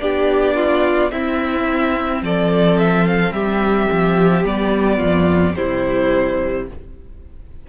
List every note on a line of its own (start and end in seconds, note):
0.00 1.12 B3
0.00 1.11 D4
0.00 0.56 G4
0.00 1.11 D5
0.56 1.12 F4
1.11 2.22 C4
1.11 4.44 C4
1.11 2.23 E4
1.11 2.22 E5
2.22 3.32 F3
2.22 3.34 A4
2.22 2.79 D5
2.79 3.07 E5
3.07 3.33 F5
3.32 3.87 G3
3.32 4.97 G4
3.32 4.44 E5
3.92 4.45 F3
4.44 5.00 G3
4.44 5.56 B3
4.44 5.56 D5
4.97 5.56 F2
4.97 5.53 F4
5.56 6.69 C3
5.56 6.67 G3
5.56 6.68 E4
5.56 6.67 C5